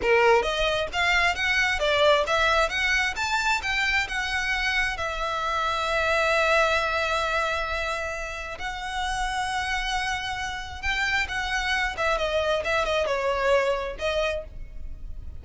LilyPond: \new Staff \with { instrumentName = "violin" } { \time 4/4 \tempo 4 = 133 ais'4 dis''4 f''4 fis''4 | d''4 e''4 fis''4 a''4 | g''4 fis''2 e''4~ | e''1~ |
e''2. fis''4~ | fis''1 | g''4 fis''4. e''8 dis''4 | e''8 dis''8 cis''2 dis''4 | }